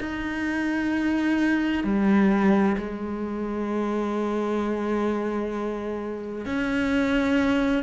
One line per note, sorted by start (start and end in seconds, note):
0.00 1.84 D#4
1.84 2.76 G3
2.77 6.45 G#3
6.45 7.83 C#4